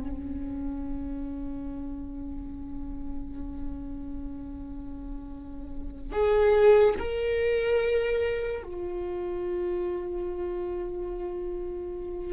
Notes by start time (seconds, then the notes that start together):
0.00 C#4
6.12 G#4
6.99 A#4
8.63 F4